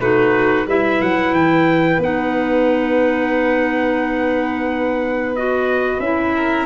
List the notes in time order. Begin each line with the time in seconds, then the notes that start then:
0.00 A3 D#4 F#4 B4
0.67 G3 E4 B4 E5
1.02 F#3 F#5
1.31 E3 G5
1.98 B3 D#4 F#5
5.36 F#4 D#5
5.99 C#4 E4 E5
6.36 A#4